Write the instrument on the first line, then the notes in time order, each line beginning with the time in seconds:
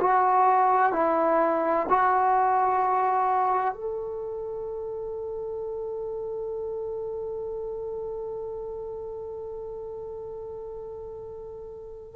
trombone
0.00 F#4
0.92 E4
1.89 F#4
3.74 A4